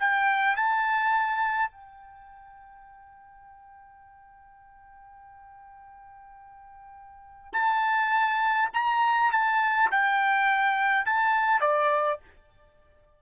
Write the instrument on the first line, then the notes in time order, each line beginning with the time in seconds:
trumpet
0.00 G5
0.57 A5
1.71 G5
7.53 A5
8.74 A#5
9.32 A5
9.91 G5
11.05 A5
11.61 D5